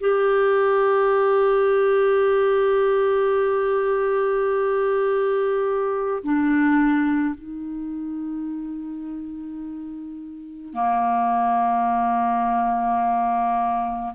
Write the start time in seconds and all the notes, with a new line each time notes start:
0.00 G4
6.23 D4
7.34 D#4
10.73 A#3